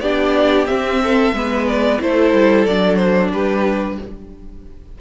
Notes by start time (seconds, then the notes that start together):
0.00 B3 D4 G4 D5
0.66 C4 E5
1.02 A4
1.32 G#3 B3 B4
1.67 D5
2.00 A3 E4 A4 C5
2.33 G3
2.65 F#3 D4 D5
2.96 C5
3.32 G3 G4 B4